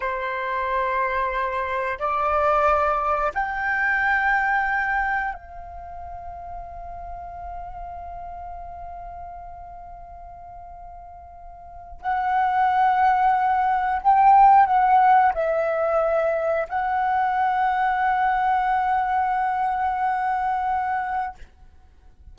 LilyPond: \new Staff \with { instrumentName = "flute" } { \time 4/4 \tempo 4 = 90 c''2. d''4~ | d''4 g''2. | f''1~ | f''1~ |
f''2 fis''2~ | fis''4 g''4 fis''4 e''4~ | e''4 fis''2.~ | fis''1 | }